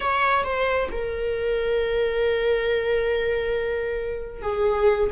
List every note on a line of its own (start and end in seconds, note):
0.00 0.43 C#5
0.43 0.89 C5
0.91 4.42 A#4
4.42 5.10 G#4